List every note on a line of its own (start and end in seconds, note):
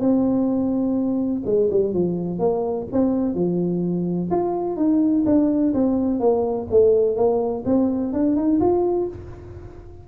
0.00 1.43 C4
1.46 1.69 G#3
1.71 1.94 G3
1.94 2.40 F3
2.40 2.87 A#3
2.92 3.35 C4
3.35 4.30 F3
4.31 4.77 F4
4.77 5.24 D#4
5.26 5.74 D4
5.74 6.20 C4
6.20 6.68 A#3
6.71 7.16 A3
7.16 7.64 A#3
7.66 8.13 C4
8.13 8.36 D4
8.36 8.60 D#4
8.61 9.08 F4